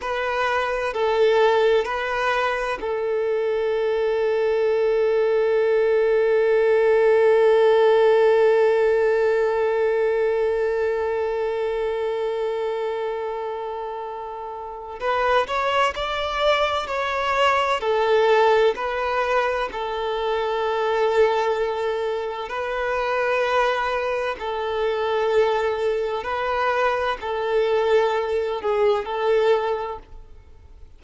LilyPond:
\new Staff \with { instrumentName = "violin" } { \time 4/4 \tempo 4 = 64 b'4 a'4 b'4 a'4~ | a'1~ | a'1~ | a'1 |
b'8 cis''8 d''4 cis''4 a'4 | b'4 a'2. | b'2 a'2 | b'4 a'4. gis'8 a'4 | }